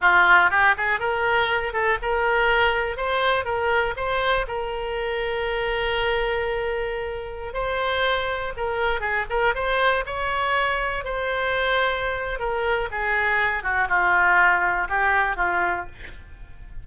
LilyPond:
\new Staff \with { instrumentName = "oboe" } { \time 4/4 \tempo 4 = 121 f'4 g'8 gis'8 ais'4. a'8 | ais'2 c''4 ais'4 | c''4 ais'2.~ | ais'2.~ ais'16 c''8.~ |
c''4~ c''16 ais'4 gis'8 ais'8 c''8.~ | c''16 cis''2 c''4.~ c''16~ | c''4 ais'4 gis'4. fis'8 | f'2 g'4 f'4 | }